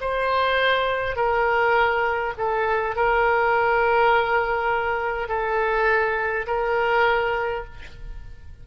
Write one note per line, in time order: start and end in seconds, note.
0.00 1.16 C5
1.16 2.33 A#4
2.37 2.95 A4
2.95 5.28 A#4
5.28 6.46 A4
6.47 7.64 A#4